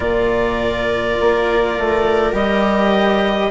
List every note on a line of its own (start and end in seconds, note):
0.00 1.18 A#2
0.00 2.32 F4
0.00 3.51 A#4
0.00 2.34 D5
1.20 1.78 A#3
1.78 2.33 A3
2.32 3.50 G3
2.32 3.50 G4
2.32 3.51 D#5